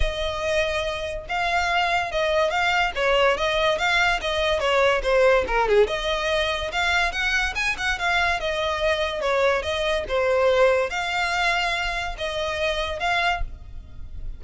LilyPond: \new Staff \with { instrumentName = "violin" } { \time 4/4 \tempo 4 = 143 dis''2. f''4~ | f''4 dis''4 f''4 cis''4 | dis''4 f''4 dis''4 cis''4 | c''4 ais'8 gis'8 dis''2 |
f''4 fis''4 gis''8 fis''8 f''4 | dis''2 cis''4 dis''4 | c''2 f''2~ | f''4 dis''2 f''4 | }